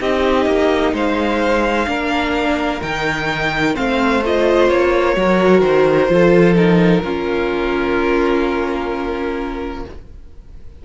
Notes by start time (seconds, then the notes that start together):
0.00 C4 D#4 G4 D#5
0.46 A#3
0.93 G#3 C5 F5
1.87 A#3 D4 A#4
2.81 D#3 D#4 G5
3.74 A3 C4 C5 F5
4.25 F4 D#5
4.69 A#3 C#5
5.15 F#3 F#4 A#4
5.61 D#3 C5
6.08 F3 F4 A4
6.55 D#4 A#4
7.04 A#3 C#4 F4